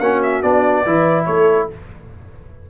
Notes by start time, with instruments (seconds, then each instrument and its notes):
0.00 tuba A#3, trombone C#4, horn F#4, trumpet F#5
0.23 trumpet E5
0.42 tuba B3, trombone D4, trumpet D5
0.86 tuba E3, trombone E4, horn B4
1.25 tuba A3, horn A4, trumpet C#5